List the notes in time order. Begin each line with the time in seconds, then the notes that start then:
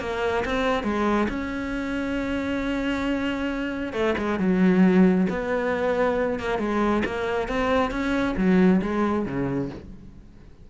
0.00 A#3
0.45 C4
0.84 G#3
1.29 C#4
3.93 A3
4.18 G#3
4.39 F#3
5.30 B3
6.39 A#3
6.59 G#3
7.05 A#3
7.48 C4
7.91 C#4
8.37 F#3
8.82 G#3
9.26 C#3